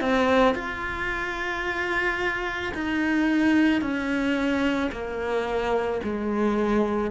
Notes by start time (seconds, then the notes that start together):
0.00 C4
0.55 F4
2.74 D#4
3.81 C#4
4.91 A#3
6.03 G#3